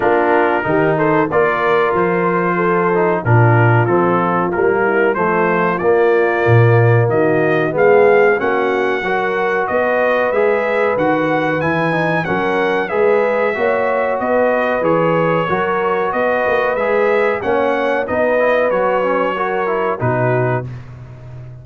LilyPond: <<
  \new Staff \with { instrumentName = "trumpet" } { \time 4/4 \tempo 4 = 93 ais'4. c''8 d''4 c''4~ | c''4 ais'4 a'4 ais'4 | c''4 d''2 dis''4 | f''4 fis''2 dis''4 |
e''4 fis''4 gis''4 fis''4 | e''2 dis''4 cis''4~ | cis''4 dis''4 e''4 fis''4 | dis''4 cis''2 b'4 | }
  \new Staff \with { instrumentName = "horn" } { \time 4/4 f'4 g'8 a'8 ais'2 | a'4 f'2~ f'8 e'8 | f'2. fis'4 | gis'4 fis'4 ais'4 b'4~ |
b'2. ais'4 | b'4 cis''4 b'2 | ais'4 b'2 cis''4 | b'2 ais'4 fis'4 | }
  \new Staff \with { instrumentName = "trombone" } { \time 4/4 d'4 dis'4 f'2~ | f'8 dis'8 d'4 c'4 ais4 | a4 ais2. | b4 cis'4 fis'2 |
gis'4 fis'4 e'8 dis'8 cis'4 | gis'4 fis'2 gis'4 | fis'2 gis'4 cis'4 | dis'8 e'8 fis'8 cis'8 fis'8 e'8 dis'4 | }
  \new Staff \with { instrumentName = "tuba" } { \time 4/4 ais4 dis4 ais4 f4~ | f4 ais,4 f4 g4 | f4 ais4 ais,4 dis4 | gis4 ais4 fis4 b4 |
gis4 dis4 e4 fis4 | gis4 ais4 b4 e4 | fis4 b8 ais8 gis4 ais4 | b4 fis2 b,4 | }
>>